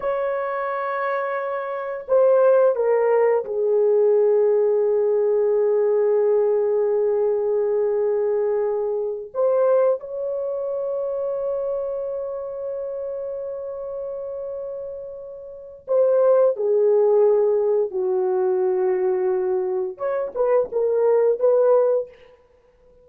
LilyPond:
\new Staff \with { instrumentName = "horn" } { \time 4/4 \tempo 4 = 87 cis''2. c''4 | ais'4 gis'2.~ | gis'1~ | gis'4. c''4 cis''4.~ |
cis''1~ | cis''2. c''4 | gis'2 fis'2~ | fis'4 cis''8 b'8 ais'4 b'4 | }